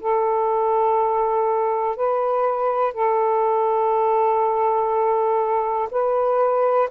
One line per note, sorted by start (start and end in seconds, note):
0.00 1.96 A4
1.96 2.94 B4
2.94 5.89 A4
5.91 6.89 B4